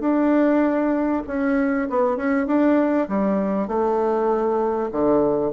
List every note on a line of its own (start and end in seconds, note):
0.00 1.22 D4
1.27 1.88 C#4
1.90 2.17 B3
2.17 2.47 C#4
2.47 3.08 D4
3.09 3.68 G3
3.68 4.90 A3
4.92 5.52 D3